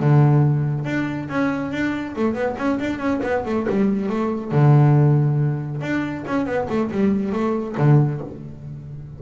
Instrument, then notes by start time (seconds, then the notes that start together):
double bass
0.00 D3
0.85 D4
1.29 C#4
1.72 D4
2.16 A3
2.34 B3
2.57 C#4
2.80 D4
2.99 C#4
3.23 B3
3.45 A3
3.69 G3
4.09 A3
4.52 D3
5.81 D4
6.27 C#4
6.46 B3
6.69 A3
6.91 G3
7.33 A3
7.78 D3